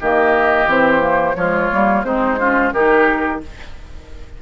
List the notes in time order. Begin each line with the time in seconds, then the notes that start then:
0.00 D#3 A#3 G4 D#5
0.66 E3 C4 C5
1.00 A#3
1.35 F3 G#3 F4 C#5
1.71 G3 A#3
2.04 G#3 C4 D#4 C5
2.39 C#4 F4
2.73 D#3 D#4 G4 A#4